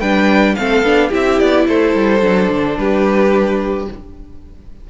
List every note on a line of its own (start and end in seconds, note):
0.00 0.56 G3
0.00 0.57 D4
0.00 0.56 B4
0.00 0.55 G5
0.55 0.83 A3
0.55 0.85 C4
0.55 1.09 A4
0.55 1.10 F5
0.83 1.10 B3
0.83 1.10 D4
1.09 1.40 C4
1.09 2.21 E4
1.09 1.64 G4
1.09 1.39 E5
1.39 1.68 B3
1.39 1.67 D5
1.68 1.95 A3
1.68 2.79 A4
1.68 2.78 C5
1.95 2.22 G3
2.21 2.49 F#3
2.21 3.86 D4
2.50 2.77 D3
2.78 3.88 G3
2.78 3.90 G4
2.78 3.88 B4